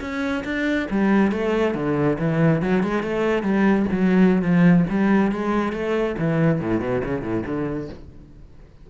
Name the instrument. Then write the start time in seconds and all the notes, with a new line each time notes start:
cello
0.00 C#4
0.44 D4
0.90 G3
1.31 A3
1.74 D3
2.18 E3
2.62 F#3
2.83 G#3
3.03 A3
3.43 G3
3.91 F#3
4.41 F3
4.89 G3
5.31 G#3
5.72 A3
6.18 E3
6.60 A2
6.80 B2
7.04 C#3
7.21 A2
7.46 D3